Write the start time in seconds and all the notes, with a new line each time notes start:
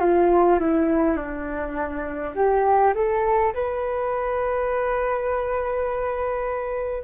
0.00 F4
0.59 E4
1.17 D4
2.35 G4
2.94 A4
3.53 B4